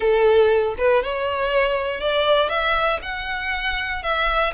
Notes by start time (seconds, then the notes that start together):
0.00 A4
0.77 B4
1.03 C#5
2.00 D5
2.49 E5
3.02 F#5
4.02 E5